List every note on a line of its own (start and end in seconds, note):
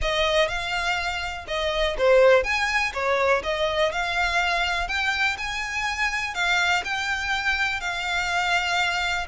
0.01 0.48 D#5
0.48 1.45 F5
1.47 1.96 D#5
1.98 2.43 C5
2.43 2.92 G#5
2.93 3.42 C#5
3.43 3.92 D#5
3.92 4.88 F5
4.88 5.36 G5
5.37 6.34 G#5
6.34 6.83 F5
6.84 7.80 G5
7.80 9.26 F5